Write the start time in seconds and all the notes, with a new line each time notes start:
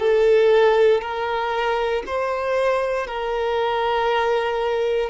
0.00 A4
1.02 A#4
2.06 C5
3.07 A#4